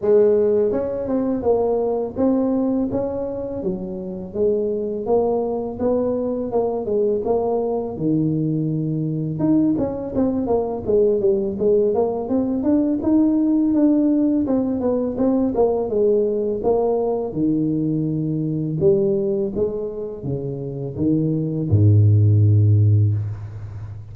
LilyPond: \new Staff \with { instrumentName = "tuba" } { \time 4/4 \tempo 4 = 83 gis4 cis'8 c'8 ais4 c'4 | cis'4 fis4 gis4 ais4 | b4 ais8 gis8 ais4 dis4~ | dis4 dis'8 cis'8 c'8 ais8 gis8 g8 |
gis8 ais8 c'8 d'8 dis'4 d'4 | c'8 b8 c'8 ais8 gis4 ais4 | dis2 g4 gis4 | cis4 dis4 gis,2 | }